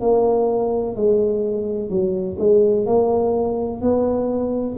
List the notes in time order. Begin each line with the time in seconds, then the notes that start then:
0.00 A#3
0.95 G#3
1.89 F#3
2.38 G#3
2.86 A#3
3.81 B3